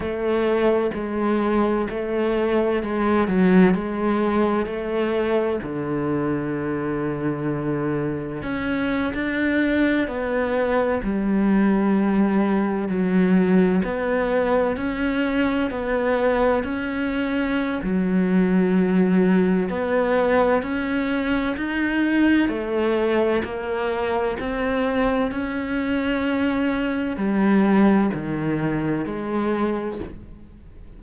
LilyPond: \new Staff \with { instrumentName = "cello" } { \time 4/4 \tempo 4 = 64 a4 gis4 a4 gis8 fis8 | gis4 a4 d2~ | d4 cis'8. d'4 b4 g16~ | g4.~ g16 fis4 b4 cis'16~ |
cis'8. b4 cis'4~ cis'16 fis4~ | fis4 b4 cis'4 dis'4 | a4 ais4 c'4 cis'4~ | cis'4 g4 dis4 gis4 | }